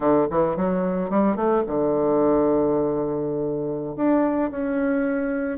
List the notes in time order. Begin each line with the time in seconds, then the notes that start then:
0.00 D3
0.30 E3
0.56 F#3
1.09 G3
1.35 A3
1.66 D3
3.96 D4
4.50 C#4